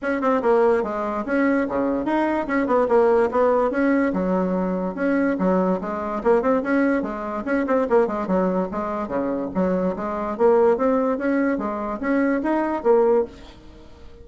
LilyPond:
\new Staff \with { instrumentName = "bassoon" } { \time 4/4 \tempo 4 = 145 cis'8 c'8 ais4 gis4 cis'4 | cis4 dis'4 cis'8 b8 ais4 | b4 cis'4 fis2 | cis'4 fis4 gis4 ais8 c'8 |
cis'4 gis4 cis'8 c'8 ais8 gis8 | fis4 gis4 cis4 fis4 | gis4 ais4 c'4 cis'4 | gis4 cis'4 dis'4 ais4 | }